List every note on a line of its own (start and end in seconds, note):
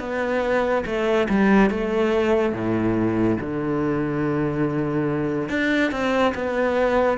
0.00 0.85 B3
0.86 1.28 A3
1.29 1.70 G3
1.70 2.53 A3
2.53 3.37 A2
3.40 5.49 D3
5.49 5.92 D4
5.92 6.34 C4
6.35 7.18 B3